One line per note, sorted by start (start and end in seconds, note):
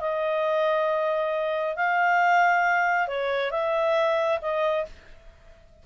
0.00 1.76 D#5
1.76 3.07 F5
3.07 3.51 C#5
3.51 4.39 E5
4.41 4.85 D#5